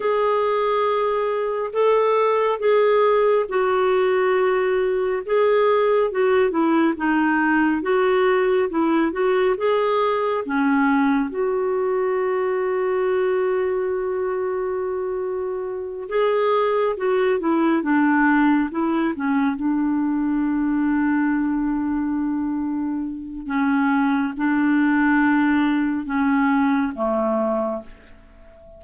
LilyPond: \new Staff \with { instrumentName = "clarinet" } { \time 4/4 \tempo 4 = 69 gis'2 a'4 gis'4 | fis'2 gis'4 fis'8 e'8 | dis'4 fis'4 e'8 fis'8 gis'4 | cis'4 fis'2.~ |
fis'2~ fis'8 gis'4 fis'8 | e'8 d'4 e'8 cis'8 d'4.~ | d'2. cis'4 | d'2 cis'4 a4 | }